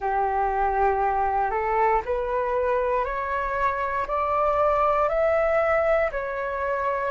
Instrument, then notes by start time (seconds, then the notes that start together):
flute
0.00 G4
1.50 A4
2.05 B4
3.05 C#5
4.07 D5
5.08 E5
6.11 C#5